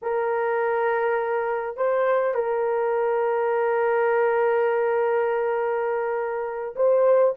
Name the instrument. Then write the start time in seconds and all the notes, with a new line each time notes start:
horn
0.02 A#4
1.76 C5
2.34 A#4
6.75 C5